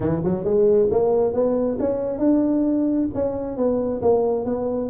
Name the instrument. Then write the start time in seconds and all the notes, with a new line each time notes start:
tuba
0.00 E3
0.24 F#3
0.44 G#3
0.90 A#3
1.33 B3
1.79 C#4
2.18 D4
3.14 C#4
3.56 B3
4.01 A#3
4.45 B3